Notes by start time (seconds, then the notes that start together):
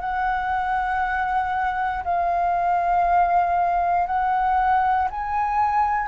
0.00 F#5
2.04 F5
4.06 F#5
5.10 G#5